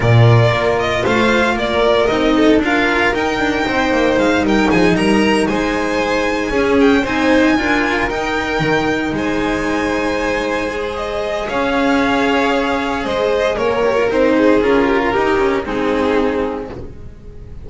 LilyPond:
<<
  \new Staff \with { instrumentName = "violin" } { \time 4/4 \tempo 4 = 115 d''4. dis''8 f''4 d''4 | dis''4 f''4 g''2 | f''8 g''8 gis''8 ais''4 gis''4.~ | gis''4 g''8 gis''2 g''8~ |
g''4. gis''2~ gis''8~ | gis''4 dis''4 f''2~ | f''4 dis''4 cis''4 c''4 | ais'2 gis'2 | }
  \new Staff \with { instrumentName = "violin" } { \time 4/4 ais'2 c''4 ais'4~ | ais'8 a'8 ais'2 c''4~ | c''8 ais'8 gis'8 ais'4 c''4.~ | c''8 gis'4 c''4 ais'4.~ |
ais'4. c''2~ c''8~ | c''2 cis''2~ | cis''4 c''4 ais'4. gis'8~ | gis'8 g'16 f'16 g'4 dis'2 | }
  \new Staff \with { instrumentName = "cello" } { \time 4/4 f'1 | dis'4 f'4 dis'2~ | dis'1~ | dis'8 cis'4 dis'4 f'4 dis'8~ |
dis'1~ | dis'8 gis'2.~ gis'8~ | gis'2~ gis'8 g'16 f'16 dis'4 | f'4 dis'8 cis'8 c'2 | }
  \new Staff \with { instrumentName = "double bass" } { \time 4/4 ais,4 ais4 a4 ais4 | c'4 d'4 dis'8 d'8 c'8 ais8 | gis8 g8 f8 g4 gis4.~ | gis8 cis'4 c'4 d'4 dis'8~ |
dis'8 dis4 gis2~ gis8~ | gis2 cis'2~ | cis'4 gis4 ais4 c'4 | cis'4 dis'4 gis2 | }
>>